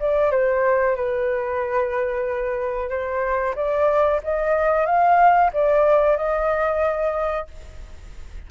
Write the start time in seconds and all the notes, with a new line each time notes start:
0.00 D5
0.31 C5
0.96 B4
2.89 C5
3.56 D5
4.24 D#5
4.86 F5
5.53 D5
6.17 D#5